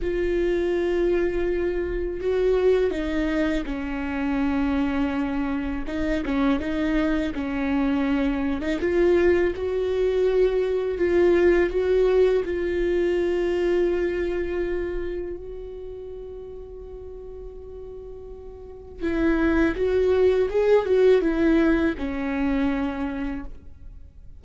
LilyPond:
\new Staff \with { instrumentName = "viola" } { \time 4/4 \tempo 4 = 82 f'2. fis'4 | dis'4 cis'2. | dis'8 cis'8 dis'4 cis'4.~ cis'16 dis'16 | f'4 fis'2 f'4 |
fis'4 f'2.~ | f'4 fis'2.~ | fis'2 e'4 fis'4 | gis'8 fis'8 e'4 cis'2 | }